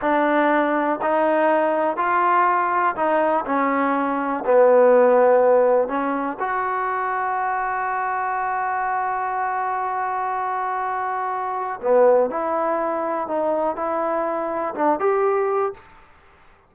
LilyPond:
\new Staff \with { instrumentName = "trombone" } { \time 4/4 \tempo 4 = 122 d'2 dis'2 | f'2 dis'4 cis'4~ | cis'4 b2. | cis'4 fis'2.~ |
fis'1~ | fis'1 | b4 e'2 dis'4 | e'2 d'8 g'4. | }